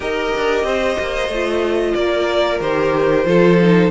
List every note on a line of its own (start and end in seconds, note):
0.00 0.31 D#4
0.00 1.31 G4
0.00 0.65 A#4
0.00 1.95 D#5
0.36 0.63 D4
0.63 0.96 C4
0.63 1.95 C5
0.99 1.28 A#3
1.28 1.93 A3
1.28 2.61 F4
1.95 2.60 A#3
1.95 3.27 A#4
1.95 2.60 D5
2.60 3.25 D#3
2.60 3.25 G4
2.60 3.90 C5
3.25 3.90 F3
3.25 3.58 F4
3.25 3.90 A4
3.62 3.90 D#4